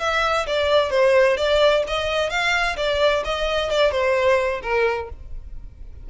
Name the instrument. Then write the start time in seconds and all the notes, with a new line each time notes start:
violin
0.00 E5
0.47 D5
0.91 C5
1.37 D5
1.88 D#5
2.30 F5
2.77 D5
3.25 D#5
3.71 D5
3.92 C5
4.63 A#4